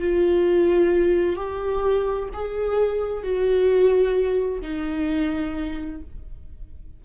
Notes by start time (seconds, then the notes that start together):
0.00 F4
1.37 G4
2.34 G#4
3.24 F#4
4.62 D#4